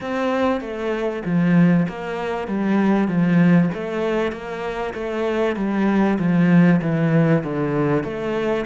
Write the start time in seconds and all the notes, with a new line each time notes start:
0.00 C4
0.60 A3
1.25 F3
1.88 A#3
2.47 G3
3.08 F3
3.74 A3
4.32 A#3
4.94 A3
5.56 G3
6.19 F3
6.81 E3
7.43 D3
8.03 A3